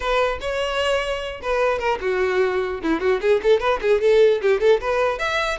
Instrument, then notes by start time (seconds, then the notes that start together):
violin
0.00 B4
0.41 C#5
1.42 B4
1.78 A#4
2.01 F#4
2.82 E4
3.00 F#4
3.21 G#4
3.43 A4
3.59 B4
3.81 G#4
4.01 A4
4.41 G4
4.60 A4
4.81 B4
5.19 E5